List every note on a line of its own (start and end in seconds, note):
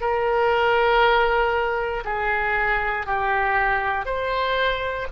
0.00 2.03 A#4
2.04 3.06 G#4
3.06 4.05 G4
4.05 5.07 C5